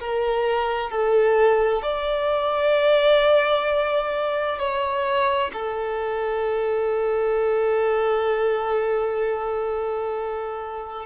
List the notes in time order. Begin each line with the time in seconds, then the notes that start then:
0.00 A#4
0.90 A4
1.82 D5
4.59 C#5
5.53 A4